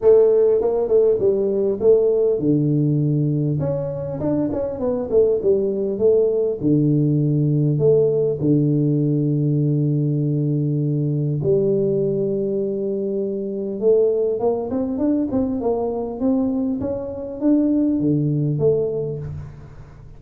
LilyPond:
\new Staff \with { instrumentName = "tuba" } { \time 4/4 \tempo 4 = 100 a4 ais8 a8 g4 a4 | d2 cis'4 d'8 cis'8 | b8 a8 g4 a4 d4~ | d4 a4 d2~ |
d2. g4~ | g2. a4 | ais8 c'8 d'8 c'8 ais4 c'4 | cis'4 d'4 d4 a4 | }